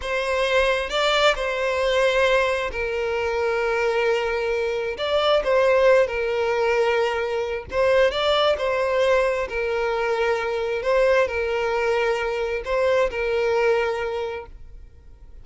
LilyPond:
\new Staff \with { instrumentName = "violin" } { \time 4/4 \tempo 4 = 133 c''2 d''4 c''4~ | c''2 ais'2~ | ais'2. d''4 | c''4. ais'2~ ais'8~ |
ais'4 c''4 d''4 c''4~ | c''4 ais'2. | c''4 ais'2. | c''4 ais'2. | }